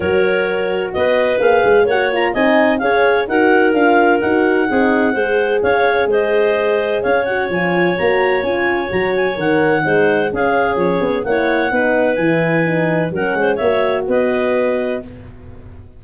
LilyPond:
<<
  \new Staff \with { instrumentName = "clarinet" } { \time 4/4 \tempo 4 = 128 cis''2 dis''4 f''4 | fis''8 ais''8 gis''4 f''4 fis''4 | f''4 fis''2. | f''4 dis''2 f''8 fis''8 |
gis''4 ais''4 gis''4 ais''8 gis''8 | fis''2 f''4 cis''4 | fis''2 gis''2 | fis''4 e''4 dis''2 | }
  \new Staff \with { instrumentName = "clarinet" } { \time 4/4 ais'2 b'2 | cis''4 dis''4 cis''4 ais'4~ | ais'2 gis'4 c''4 | cis''4 c''2 cis''4~ |
cis''1~ | cis''4 c''4 gis'2 | cis''4 b'2. | ais'8 c''8 cis''4 b'2 | }
  \new Staff \with { instrumentName = "horn" } { \time 4/4 fis'2. gis'4 | fis'8 f'8 dis'4 gis'4 fis'4 | f'4 fis'4 dis'4 gis'4~ | gis'2.~ gis'8 fis'8 |
f'4 fis'4 f'4 fis'4 | ais'4 dis'4 cis'2 | e'4 dis'4 e'4 dis'4 | cis'4 fis'2. | }
  \new Staff \with { instrumentName = "tuba" } { \time 4/4 fis2 b4 ais8 gis8 | ais4 c'4 cis'4 dis'4 | d'4 dis'4 c'4 gis4 | cis'4 gis2 cis'4 |
f4 ais4 cis'4 fis4 | dis4 gis4 cis'4 f8 b8 | ais4 b4 e2 | fis8 gis8 ais4 b2 | }
>>